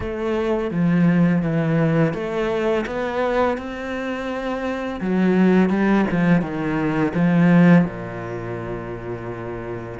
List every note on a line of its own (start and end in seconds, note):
0.00 0.70 A3
0.70 1.42 F3
1.42 2.13 E3
2.13 2.85 A3
2.86 3.57 B3
3.57 5.00 C4
5.01 5.69 F#3
5.69 6.05 G3
6.11 6.41 F3
6.41 7.12 D#3
7.14 7.84 F3
7.84 9.99 A#2